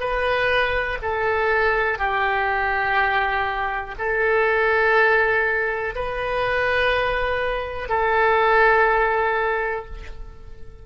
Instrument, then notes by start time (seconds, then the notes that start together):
oboe
0.00 B4
1.02 A4
1.99 G4
3.98 A4
5.95 B4
7.89 A4